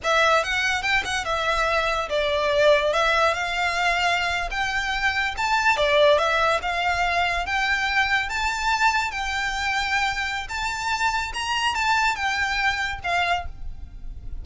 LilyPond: \new Staff \with { instrumentName = "violin" } { \time 4/4 \tempo 4 = 143 e''4 fis''4 g''8 fis''8 e''4~ | e''4 d''2 e''4 | f''2~ f''8. g''4~ g''16~ | g''8. a''4 d''4 e''4 f''16~ |
f''4.~ f''16 g''2 a''16~ | a''4.~ a''16 g''2~ g''16~ | g''4 a''2 ais''4 | a''4 g''2 f''4 | }